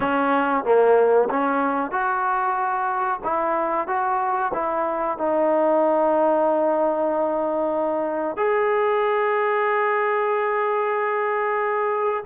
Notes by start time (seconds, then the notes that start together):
0.00 C#4
0.64 A#3
1.29 C#4
1.91 F#4
3.24 E4
3.87 F#4
4.53 E4
5.18 D#4
8.37 G#4